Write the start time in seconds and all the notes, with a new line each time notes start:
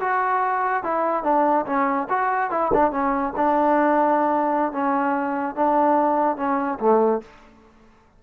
0.00 F#4
0.84 E4
1.23 D4
1.66 C#4
2.10 F#4
2.51 E4
2.74 D4
2.92 C#4
3.36 D4
4.73 C#4
5.55 D4
6.37 C#4
6.80 A3